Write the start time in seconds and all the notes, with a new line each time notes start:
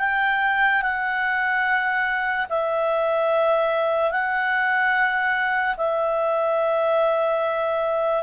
0.00 G5
0.83 F#5
2.50 E5
4.12 F#5
5.77 E5